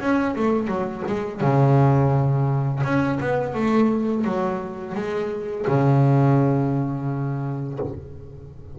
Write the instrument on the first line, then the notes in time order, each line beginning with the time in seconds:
double bass
0.00 C#4
0.35 A3
0.67 F#3
1.07 G#3
1.41 C#3
2.84 C#4
3.20 B3
3.54 A3
4.24 F#3
4.95 G#3
5.67 C#3